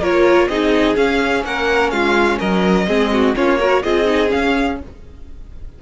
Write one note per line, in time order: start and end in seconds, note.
0.00 0.48 A#3
0.00 0.50 F4
0.00 0.48 A#4
0.00 0.48 C#5
0.48 0.96 C4
0.48 0.96 D#4
0.48 1.45 G#4
0.48 0.96 D#5
0.96 2.86 C#4
0.96 1.44 C#4
0.96 1.44 F5
1.44 1.92 A#3
1.44 1.93 A#4
1.44 1.91 F#5
1.91 2.40 G#3
1.91 2.39 F4
1.91 2.38 F5
2.39 2.88 F#3
2.39 2.87 A#4
2.39 3.35 D#5
2.88 3.35 G#3
2.88 3.35 C4
2.88 3.12 G#4
3.13 3.37 F#4
3.35 3.85 A#3
3.35 3.59 C#4
3.35 3.59 F4
3.35 3.83 C#5
3.59 3.83 F#4
3.59 3.83 A#4
3.83 4.33 C4
3.83 4.06 F4
3.83 4.79 G#4
3.83 4.31 D#5
4.06 4.28 D#4
4.28 4.76 C#4
4.28 4.79 F5
4.35 4.82 C#4